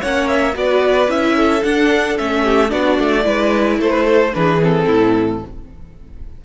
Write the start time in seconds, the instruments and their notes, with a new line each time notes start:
0.00 cello A#3, viola C#4, violin C#5 F#5
0.28 violin E5
0.53 cello B3, viola F#4, violin B4 D5
1.08 cello C#4, viola E4, violin E5
1.35 violin A4
1.63 viola D4, cello D4, violin F#5
2.17 cello A3, viola C#4, violin E5
2.43 violin G4
2.69 cello B3, viola D4, violin F#4 D5
2.99 cello A3
3.23 cello G#3, viola E4, violin B4
3.78 cello A3, violin A4 C5
3.90 violin B4
4.05 violin A4
4.33 cello E3, viola D4, violin G#4 B4
4.61 viola C4, violin A4
4.86 cello A2, violin E4